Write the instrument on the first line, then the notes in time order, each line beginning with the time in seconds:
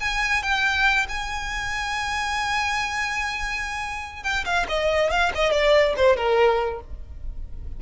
violin
0.00 G#5
0.42 G5
1.08 G#5
4.23 G5
4.45 F5
4.68 D#5
5.10 F5
5.35 D#5
5.51 D5
5.96 C5
6.16 A#4